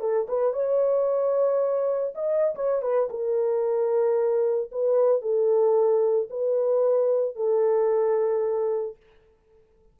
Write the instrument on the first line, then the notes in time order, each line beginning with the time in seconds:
horn
0.00 A4
0.28 B4
0.54 C#5
2.15 D#5
2.55 C#5
2.82 B4
3.10 A#4
4.72 B4
5.22 A4
6.30 B4
7.36 A4